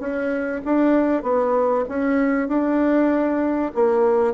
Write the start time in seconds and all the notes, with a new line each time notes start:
0.00 C#4
0.65 D4
1.23 B3
1.89 C#4
2.49 D4
3.75 A#3